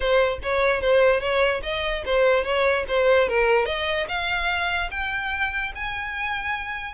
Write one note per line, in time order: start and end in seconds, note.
0.00 0.38 C5
0.42 0.81 C#5
0.81 1.20 C5
1.20 1.61 C#5
1.62 2.03 D#5
2.05 2.44 C5
2.44 2.84 C#5
2.88 3.28 C5
3.28 3.65 A#4
3.65 4.06 D#5
4.08 4.90 F5
4.90 5.72 G5
5.75 6.94 G#5